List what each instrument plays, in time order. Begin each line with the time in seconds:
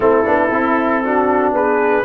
0.00 tuba A3, trombone C4, horn E4, trumpet A4
0.24 tuba B3, trombone D4
0.50 tuba C4, trombone E4
1.03 trombone D4, horn F#4
1.52 tuba B3, horn G#4, trumpet B4